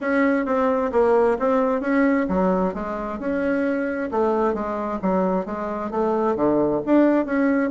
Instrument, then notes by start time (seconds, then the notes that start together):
bassoon
0.00 C#4
0.45 C4
0.92 A#3
1.39 C4
1.80 C#4
2.28 F#3
2.74 G#3
3.19 C#4
4.11 A3
4.54 G#3
5.01 F#3
5.45 G#3
5.90 A3
6.35 D3
6.85 D4
7.25 C#4